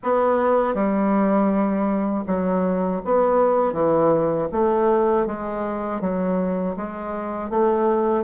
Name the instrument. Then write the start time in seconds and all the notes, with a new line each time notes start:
bassoon
0.03 B3
0.74 G3
2.26 F#3
3.04 B3
3.73 E3
4.52 A3
5.26 G#3
6.00 F#3
6.76 G#3
7.50 A3